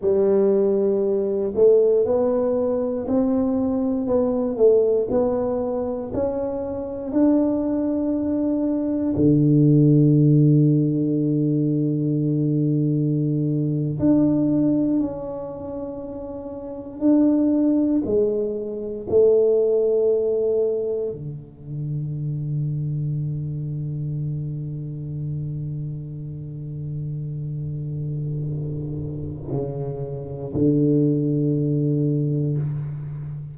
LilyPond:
\new Staff \with { instrumentName = "tuba" } { \time 4/4 \tempo 4 = 59 g4. a8 b4 c'4 | b8 a8 b4 cis'4 d'4~ | d'4 d2.~ | d4.~ d16 d'4 cis'4~ cis'16~ |
cis'8. d'4 gis4 a4~ a16~ | a8. d2.~ d16~ | d1~ | d4 cis4 d2 | }